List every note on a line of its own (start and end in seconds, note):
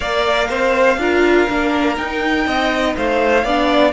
0.00 0.49 A#3
0.00 0.97 A#4
0.00 0.48 D5
0.00 1.96 F5
0.49 0.97 C4
0.49 0.99 C5
0.97 1.46 D4
0.97 1.48 F4
0.97 2.46 A#4
1.49 1.97 A#3
1.49 1.96 D4
1.96 3.44 D#4
1.96 2.46 D#4
1.96 2.95 G5
2.46 2.95 C4
2.46 2.95 D#5
2.97 3.44 A3
2.97 3.44 C5
2.97 3.92 F5
3.44 3.92 B3
3.44 3.92 D4
3.44 3.92 D5